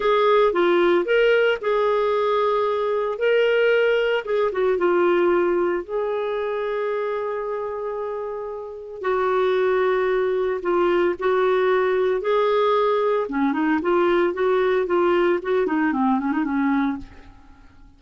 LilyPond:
\new Staff \with { instrumentName = "clarinet" } { \time 4/4 \tempo 4 = 113 gis'4 f'4 ais'4 gis'4~ | gis'2 ais'2 | gis'8 fis'8 f'2 gis'4~ | gis'1~ |
gis'4 fis'2. | f'4 fis'2 gis'4~ | gis'4 cis'8 dis'8 f'4 fis'4 | f'4 fis'8 dis'8 c'8 cis'16 dis'16 cis'4 | }